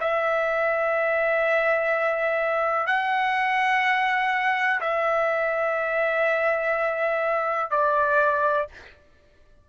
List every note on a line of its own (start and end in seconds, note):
0.00 2.86 E5
2.86 4.80 F#5
4.80 7.70 E5
7.70 8.67 D5